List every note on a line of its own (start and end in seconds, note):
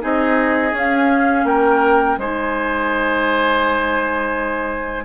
0.00 0.73 C4
0.00 0.72 D#4
0.00 1.46 G#4
0.00 0.76 D#5
0.73 1.44 C#4
0.73 2.18 C#4
0.73 1.47 F5
1.44 2.17 A#3
1.44 2.19 A#4
1.44 2.19 G5
2.18 5.05 G#3
2.18 5.05 D#4
2.18 5.05 C5
2.18 5.05 G#5